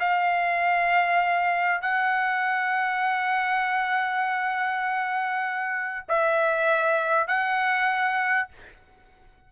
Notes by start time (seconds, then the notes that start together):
0.00 F5
1.81 F#5
6.09 E5
7.28 F#5